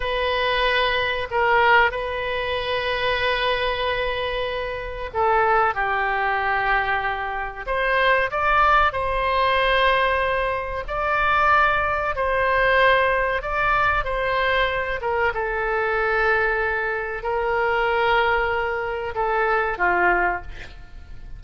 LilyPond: \new Staff \with { instrumentName = "oboe" } { \time 4/4 \tempo 4 = 94 b'2 ais'4 b'4~ | b'1 | a'4 g'2. | c''4 d''4 c''2~ |
c''4 d''2 c''4~ | c''4 d''4 c''4. ais'8 | a'2. ais'4~ | ais'2 a'4 f'4 | }